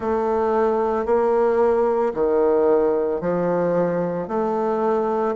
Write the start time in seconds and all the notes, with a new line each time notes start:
0.00 A3
1.05 A#3
2.14 D#3
3.20 F3
4.28 A3